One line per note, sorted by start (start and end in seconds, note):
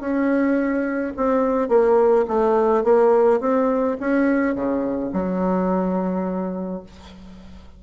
0.00 1.13 C#4
1.17 1.69 C4
1.69 2.25 A#3
2.28 2.84 A3
2.84 3.40 A#3
3.40 3.97 C4
4.00 4.55 C#4
4.55 5.11 C#3
5.13 6.83 F#3